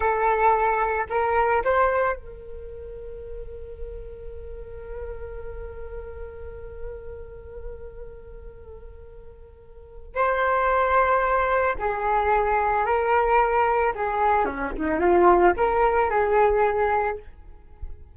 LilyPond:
\new Staff \with { instrumentName = "flute" } { \time 4/4 \tempo 4 = 112 a'2 ais'4 c''4 | ais'1~ | ais'1~ | ais'1~ |
ais'2. c''4~ | c''2 gis'2 | ais'2 gis'4 cis'8 dis'8 | f'4 ais'4 gis'2 | }